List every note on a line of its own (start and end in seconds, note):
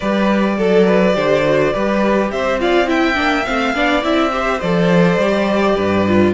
0.00 0.58 G3
0.00 0.59 G4
0.00 0.56 B4
0.00 2.30 D5
0.57 1.16 F#3
0.57 0.86 A4
0.57 1.13 A4
0.86 1.15 B4
1.13 1.73 D3
1.13 1.42 G4
1.13 1.73 C5
1.45 1.73 F#4
1.73 2.31 G3
1.73 2.59 G4
1.73 2.31 B4
2.31 3.17 C4
2.31 2.60 C5
2.31 2.59 E5
2.59 2.85 F4
2.59 2.88 D5
2.59 2.89 F5
2.85 3.14 E4
2.85 3.75 E5
2.85 3.45 G5
3.14 3.45 A#3
3.14 3.43 D4
3.45 3.75 A3
3.45 3.74 C4
3.45 4.03 F5
3.74 4.03 B3
3.74 4.02 D4
3.74 4.32 D5
4.02 4.61 C4
4.02 4.31 E4
4.02 4.60 E5
4.31 4.60 G4
4.31 5.75 C5
4.60 5.17 F3
4.60 5.21 A4
4.60 6.33 D5
5.17 5.75 G3
5.17 6.07 G4
5.75 6.34 G2
5.75 6.32 B4
6.07 6.34 F4